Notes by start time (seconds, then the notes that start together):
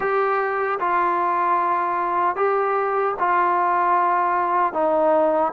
0.00 G4
0.79 F4
2.35 G4
3.19 F4
4.73 D#4